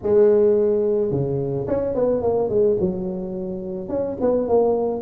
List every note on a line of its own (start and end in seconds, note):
0.02 1.11 G#3
1.11 1.67 C#3
1.67 1.94 C#4
1.94 2.21 B3
2.21 2.48 A#3
2.48 2.76 G#3
2.80 3.88 F#3
3.88 4.16 C#4
4.20 4.47 B3
4.47 5.01 A#3